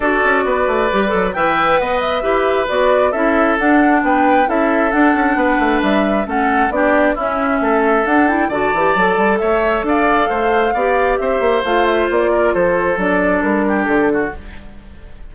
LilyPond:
<<
  \new Staff \with { instrumentName = "flute" } { \time 4/4 \tempo 4 = 134 d''2. g''4 | fis''8 e''4. d''4 e''4 | fis''4 g''4 e''4 fis''4~ | fis''4 e''4 fis''4 d''4 |
e''2 fis''8 g''8 a''4~ | a''4 e''4 f''2~ | f''4 e''4 f''8 e''8 d''4 | c''4 d''4 ais'4 a'4 | }
  \new Staff \with { instrumentName = "oboe" } { \time 4/4 a'4 b'2 e''4 | dis''4 b'2 a'4~ | a'4 b'4 a'2 | b'2 a'4 g'4 |
e'4 a'2 d''4~ | d''4 cis''4 d''4 c''4 | d''4 c''2~ c''8 ais'8 | a'2~ a'8 g'4 fis'8 | }
  \new Staff \with { instrumentName = "clarinet" } { \time 4/4 fis'2 g'8 a'8 b'4~ | b'4 g'4 fis'4 e'4 | d'2 e'4 d'4~ | d'2 cis'4 d'4 |
cis'2 d'8 e'8 fis'8 g'8 | a'1 | g'2 f'2~ | f'4 d'2. | }
  \new Staff \with { instrumentName = "bassoon" } { \time 4/4 d'8 cis'8 b8 a8 g8 fis8 e4 | b4 e'4 b4 cis'4 | d'4 b4 cis'4 d'8 cis'8 | b8 a8 g4 a4 b4 |
cis'4 a4 d'4 d8 e8 | fis8 g8 a4 d'4 a4 | b4 c'8 ais8 a4 ais4 | f4 fis4 g4 d4 | }
>>